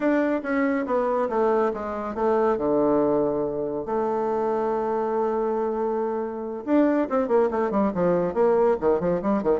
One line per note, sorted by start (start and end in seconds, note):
0.00 0.41 D4
0.42 0.85 C#4
0.86 1.29 B3
1.29 1.72 A3
1.73 2.14 G#3
2.14 2.57 A3
2.57 3.85 D3
3.85 6.64 A3
6.65 7.08 D4
7.09 7.28 C4
7.28 7.49 A#3
7.50 7.70 A3
7.70 7.92 G3
7.94 8.34 F3
8.34 8.76 A#3
8.80 9.00 D#3
9.00 9.21 F3
9.22 9.42 G3
9.42 9.60 D#3